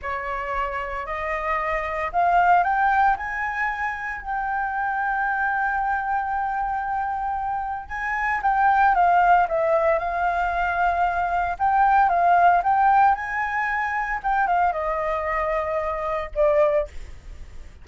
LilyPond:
\new Staff \with { instrumentName = "flute" } { \time 4/4 \tempo 4 = 114 cis''2 dis''2 | f''4 g''4 gis''2 | g''1~ | g''2. gis''4 |
g''4 f''4 e''4 f''4~ | f''2 g''4 f''4 | g''4 gis''2 g''8 f''8 | dis''2. d''4 | }